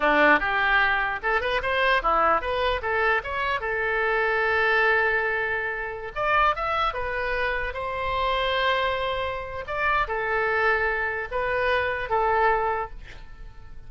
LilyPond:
\new Staff \with { instrumentName = "oboe" } { \time 4/4 \tempo 4 = 149 d'4 g'2 a'8 b'8 | c''4 e'4 b'4 a'4 | cis''4 a'2.~ | a'2.~ a'16 d''8.~ |
d''16 e''4 b'2 c''8.~ | c''1 | d''4 a'2. | b'2 a'2 | }